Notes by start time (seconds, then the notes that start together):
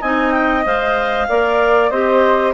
0.00 C4 D#4 D#5 G#5
0.31 G5
0.64 G#3 C5 F5
1.29 A#3 A#4 D5
1.89 C4 G4 C5 D#5